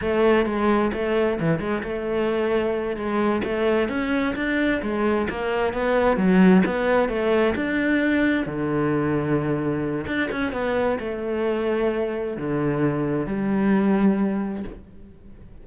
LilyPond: \new Staff \with { instrumentName = "cello" } { \time 4/4 \tempo 4 = 131 a4 gis4 a4 e8 gis8 | a2~ a8 gis4 a8~ | a8 cis'4 d'4 gis4 ais8~ | ais8 b4 fis4 b4 a8~ |
a8 d'2 d4.~ | d2 d'8 cis'8 b4 | a2. d4~ | d4 g2. | }